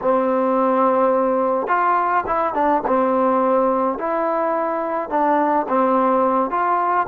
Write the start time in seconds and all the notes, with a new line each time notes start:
0.01 C4
1.67 F4
2.26 E4
2.53 D4
2.86 C4
3.98 E4
5.09 D4
5.68 C4
6.50 F4